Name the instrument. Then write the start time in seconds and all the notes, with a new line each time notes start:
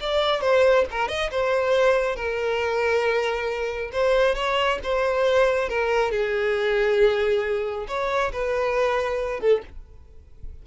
violin
0.00 D5
0.41 C5
0.91 A#4
1.08 D#5
1.31 C5
2.15 A#4
3.92 C5
4.35 C#5
4.83 C5
5.69 A#4
6.11 G#4
7.88 C#5
8.32 B4
9.40 A4